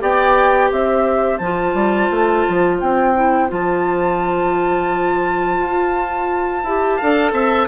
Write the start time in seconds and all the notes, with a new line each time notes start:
0.00 B3 G4 D5 G5
0.70 C4 C5 E5
1.38 F3 F4 A5
1.74 G3
2.10 A3
2.49 F3
2.80 C4 G5
3.15 E4
3.49 F3 F4 A5
5.59 F4
6.64 E4 G4
6.97 D4 A4 F5
7.32 C4 E5